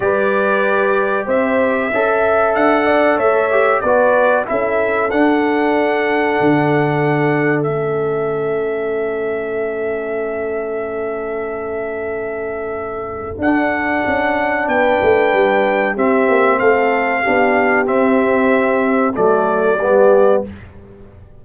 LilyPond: <<
  \new Staff \with { instrumentName = "trumpet" } { \time 4/4 \tempo 4 = 94 d''2 e''2 | fis''4 e''4 d''4 e''4 | fis''1 | e''1~ |
e''1~ | e''4 fis''2 g''4~ | g''4 e''4 f''2 | e''2 d''2 | }
  \new Staff \with { instrumentName = "horn" } { \time 4/4 b'2 c''4 e''4~ | e''8 d''8 cis''4 b'4 a'4~ | a'1~ | a'1~ |
a'1~ | a'2. b'4~ | b'4 g'4 a'4 g'4~ | g'2 a'4 g'4 | }
  \new Staff \with { instrumentName = "trombone" } { \time 4/4 g'2. a'4~ | a'4. g'8 fis'4 e'4 | d'1 | cis'1~ |
cis'1~ | cis'4 d'2.~ | d'4 c'2 d'4 | c'2 a4 b4 | }
  \new Staff \with { instrumentName = "tuba" } { \time 4/4 g2 c'4 cis'4 | d'4 a4 b4 cis'4 | d'2 d2 | a1~ |
a1~ | a4 d'4 cis'4 b8 a8 | g4 c'8 ais8 a4 b4 | c'2 fis4 g4 | }
>>